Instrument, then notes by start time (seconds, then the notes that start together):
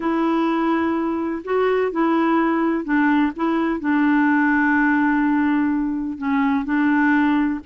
clarinet
0.00 E4
1.44 F#4
1.91 E4
2.84 D4
3.35 E4
3.80 D4
6.18 C#4
6.64 D4